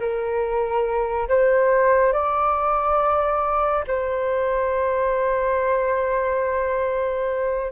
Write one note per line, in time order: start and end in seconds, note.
0.00 1.29 A#4
1.29 2.13 C5
2.13 3.85 D5
3.87 7.72 C5